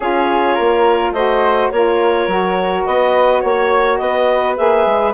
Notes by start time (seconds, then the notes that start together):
0.00 C#4 F4 G#4 C#5
0.54 A#3 A#4
1.11 A3 F#4 C5 D#5
1.70 A#3 F4 A#4 C#5
2.27 F#3 F#4
2.85 B3 B4 D#5
3.40 A#3 C#5
3.98 B3 B4 D#5
4.56 A#3 G#4 E5
4.86 G#3